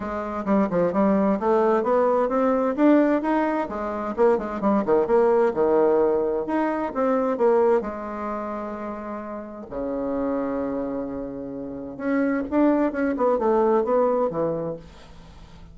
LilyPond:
\new Staff \with { instrumentName = "bassoon" } { \time 4/4 \tempo 4 = 130 gis4 g8 f8 g4 a4 | b4 c'4 d'4 dis'4 | gis4 ais8 gis8 g8 dis8 ais4 | dis2 dis'4 c'4 |
ais4 gis2.~ | gis4 cis2.~ | cis2 cis'4 d'4 | cis'8 b8 a4 b4 e4 | }